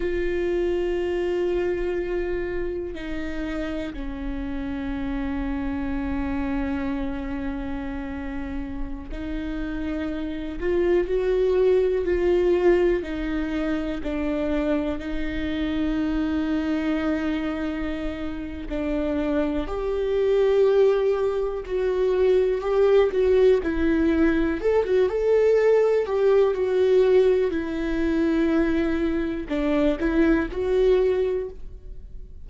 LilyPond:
\new Staff \with { instrumentName = "viola" } { \time 4/4 \tempo 4 = 61 f'2. dis'4 | cis'1~ | cis'4~ cis'16 dis'4. f'8 fis'8.~ | fis'16 f'4 dis'4 d'4 dis'8.~ |
dis'2. d'4 | g'2 fis'4 g'8 fis'8 | e'4 a'16 fis'16 a'4 g'8 fis'4 | e'2 d'8 e'8 fis'4 | }